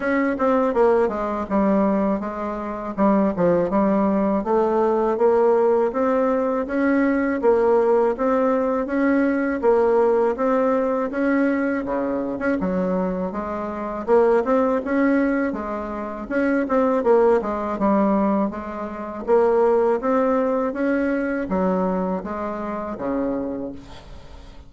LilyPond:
\new Staff \with { instrumentName = "bassoon" } { \time 4/4 \tempo 4 = 81 cis'8 c'8 ais8 gis8 g4 gis4 | g8 f8 g4 a4 ais4 | c'4 cis'4 ais4 c'4 | cis'4 ais4 c'4 cis'4 |
cis8. cis'16 fis4 gis4 ais8 c'8 | cis'4 gis4 cis'8 c'8 ais8 gis8 | g4 gis4 ais4 c'4 | cis'4 fis4 gis4 cis4 | }